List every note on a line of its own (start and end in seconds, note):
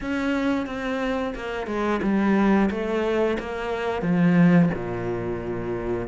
0.01 0.66 C#4
0.66 1.33 C4
1.35 1.66 A#3
1.66 2.00 G#3
2.02 2.69 G3
2.70 3.37 A3
3.39 4.02 A#3
4.02 4.69 F3
4.74 6.07 A#2